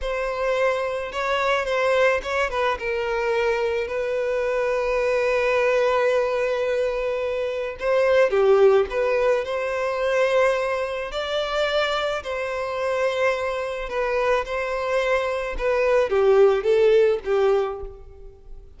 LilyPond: \new Staff \with { instrumentName = "violin" } { \time 4/4 \tempo 4 = 108 c''2 cis''4 c''4 | cis''8 b'8 ais'2 b'4~ | b'1~ | b'2 c''4 g'4 |
b'4 c''2. | d''2 c''2~ | c''4 b'4 c''2 | b'4 g'4 a'4 g'4 | }